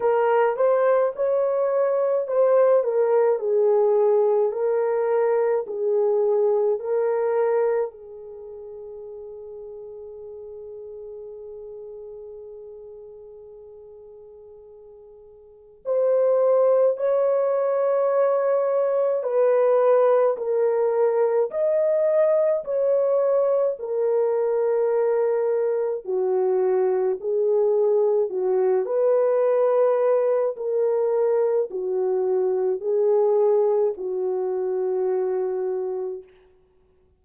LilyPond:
\new Staff \with { instrumentName = "horn" } { \time 4/4 \tempo 4 = 53 ais'8 c''8 cis''4 c''8 ais'8 gis'4 | ais'4 gis'4 ais'4 gis'4~ | gis'1~ | gis'2 c''4 cis''4~ |
cis''4 b'4 ais'4 dis''4 | cis''4 ais'2 fis'4 | gis'4 fis'8 b'4. ais'4 | fis'4 gis'4 fis'2 | }